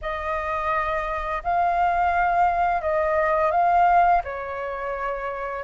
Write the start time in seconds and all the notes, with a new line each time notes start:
0.01 D#5
1.43 F5
2.81 D#5
3.51 F5
4.24 C#5